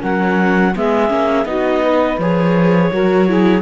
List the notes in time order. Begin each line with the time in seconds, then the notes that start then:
0.00 F#3 C#4 A#4 F#5
0.76 G#3 B3 G#4 E5
1.09 A#3 C#4
1.45 B3 D#4 F#4 D#5
1.82 B4
2.19 F3 G#4 C#5
2.92 F#3 F#4 A#4
3.28 E4 G#4